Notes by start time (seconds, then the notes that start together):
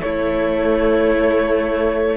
0.00 A3 E4 C#5